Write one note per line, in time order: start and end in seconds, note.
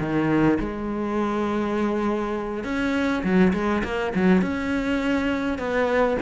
0.00 0.59 D#3
0.60 2.64 G#3
2.64 3.23 C#4
3.24 3.53 F#3
3.54 3.83 G#3
3.84 4.14 A#3
4.16 4.42 F#3
4.42 5.59 C#4
5.59 6.18 B3